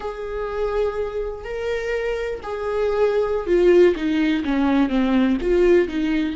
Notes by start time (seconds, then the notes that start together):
0.00 G#4
1.44 A#4
2.42 G#4
3.46 F4
3.95 D#4
4.44 C#4
4.89 C4
5.41 F4
5.88 D#4